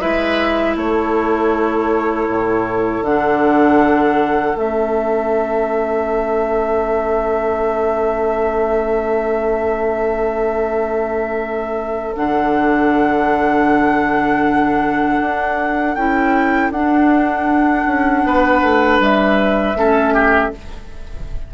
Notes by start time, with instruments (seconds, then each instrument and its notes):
0.00 bassoon G#3, clarinet E4, oboe B4, flute E5
0.76 bassoon A3, oboe A4, flute C#5
2.29 bassoon A2
3.03 bassoon D3, clarinet D4, flute F#5
4.55 bassoon A3, clarinet C#4, flute E5
12.16 bassoon D3, clarinet D4, flute F#5
15.21 bassoon D4
15.95 bassoon C#4, clarinet E4, flute G5
16.71 bassoon D4, clarinet D4, flute F#5
17.87 bassoon C#4
18.24 bassoon B3, oboe B4
18.63 bassoon A3
19.00 bassoon G3, flute E5
19.75 bassoon A3, clarinet C#4, oboe A4
20.14 oboe G4